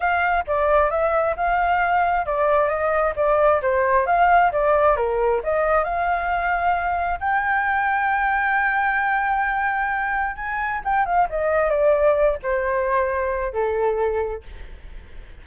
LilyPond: \new Staff \with { instrumentName = "flute" } { \time 4/4 \tempo 4 = 133 f''4 d''4 e''4 f''4~ | f''4 d''4 dis''4 d''4 | c''4 f''4 d''4 ais'4 | dis''4 f''2. |
g''1~ | g''2. gis''4 | g''8 f''8 dis''4 d''4. c''8~ | c''2 a'2 | }